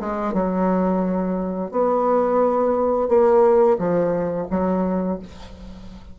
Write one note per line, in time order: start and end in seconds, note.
0.00 0.33 G#3
0.33 1.71 F#3
1.71 3.08 B3
3.08 3.77 A#3
3.78 4.47 F3
4.50 5.19 F#3